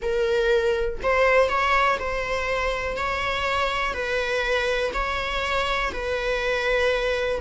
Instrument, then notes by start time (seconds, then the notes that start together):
viola
0.01 A#4
1.02 C5
1.48 C#5
1.99 C5
2.96 C#5
3.93 B4
4.93 C#5
5.93 B4